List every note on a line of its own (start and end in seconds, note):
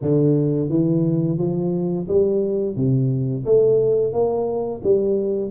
0.01 0.69 D3
0.69 1.38 E3
1.38 2.07 F3
2.08 2.76 G3
2.76 3.45 C3
3.45 4.12 A3
4.12 4.81 A#3
4.83 5.50 G3